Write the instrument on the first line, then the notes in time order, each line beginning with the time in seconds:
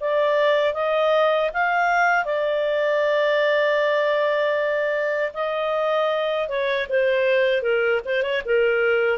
clarinet
0.00 D5
0.73 D#5
1.53 F5
2.25 D5
5.33 D#5
6.49 C#5
6.89 C5
7.62 A#4
8.05 C5
8.22 C#5
8.45 A#4